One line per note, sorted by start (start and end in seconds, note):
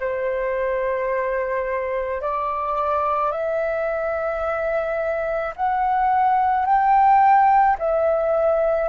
0.00 2.22 C5
2.22 3.32 D5
3.32 5.54 E5
5.56 6.66 F#5
6.66 7.77 G5
7.79 8.89 E5